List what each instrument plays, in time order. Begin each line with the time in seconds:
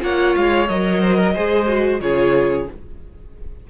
0.00 cello A#3, viola F4, violin C#5 F#5
0.36 cello G#3, violin F5
0.68 cello F#3, viola A#4, violin D#5
1.01 violin C5
1.17 violin A#4
1.34 cello G#3, viola G#4, violin C5
1.67 viola F#4
2.00 cello C#3, viola F4, violin G#4 C#5